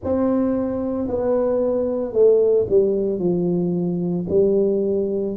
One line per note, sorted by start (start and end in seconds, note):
0.04 1.07 C4
1.07 2.12 B3
2.12 2.66 A3
2.69 3.19 G3
3.19 4.26 F3
4.29 5.36 G3